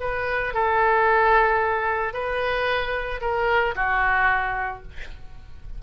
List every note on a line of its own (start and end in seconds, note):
0.00 0.53 B4
0.53 2.13 A4
2.13 3.20 B4
3.21 3.75 A#4
3.75 4.82 F#4